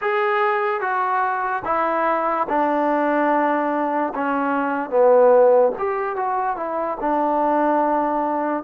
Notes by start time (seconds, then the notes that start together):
0.01 G#4
0.80 F#4
1.64 E4
2.48 D4
4.14 C#4
4.89 B3
5.78 G4
6.15 F#4
6.56 E4
7.00 D4